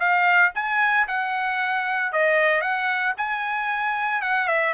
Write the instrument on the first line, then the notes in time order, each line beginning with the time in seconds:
trumpet
0.00 F5
0.55 G#5
1.08 F#5
2.13 D#5
2.62 F#5
3.18 G#5
4.22 F#5
4.48 E5